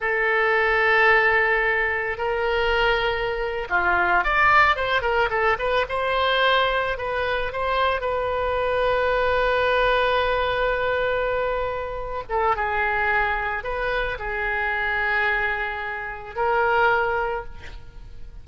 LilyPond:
\new Staff \with { instrumentName = "oboe" } { \time 4/4 \tempo 4 = 110 a'1 | ais'2~ ais'8. f'4 d''16~ | d''8. c''8 ais'8 a'8 b'8 c''4~ c''16~ | c''8. b'4 c''4 b'4~ b'16~ |
b'1~ | b'2~ b'8 a'8 gis'4~ | gis'4 b'4 gis'2~ | gis'2 ais'2 | }